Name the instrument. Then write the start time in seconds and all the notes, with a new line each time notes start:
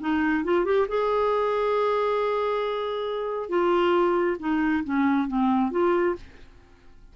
clarinet
0.00 D#4
0.44 F4
0.65 G4
0.88 G#4
3.49 F4
4.39 D#4
4.84 C#4
5.28 C4
5.71 F4